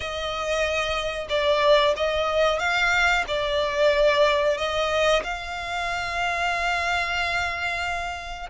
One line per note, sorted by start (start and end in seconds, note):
0.00 1.27 D#5
1.29 1.94 D5
1.96 2.59 D#5
2.59 3.24 F5
3.27 4.57 D5
4.57 5.23 D#5
5.23 8.49 F5